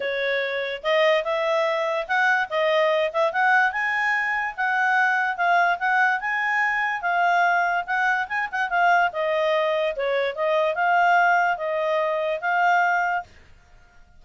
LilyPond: \new Staff \with { instrumentName = "clarinet" } { \time 4/4 \tempo 4 = 145 cis''2 dis''4 e''4~ | e''4 fis''4 dis''4. e''8 | fis''4 gis''2 fis''4~ | fis''4 f''4 fis''4 gis''4~ |
gis''4 f''2 fis''4 | gis''8 fis''8 f''4 dis''2 | cis''4 dis''4 f''2 | dis''2 f''2 | }